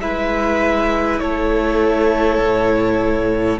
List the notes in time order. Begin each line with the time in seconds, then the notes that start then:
0.00 G#3 E4 B4 E5
1.19 A3 A4 C#5
2.38 A2